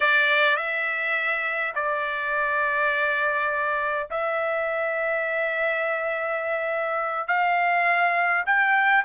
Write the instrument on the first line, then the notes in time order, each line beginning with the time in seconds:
trumpet
0.00 D5
0.56 E5
1.75 D5
4.10 E5
7.27 F5
8.46 G5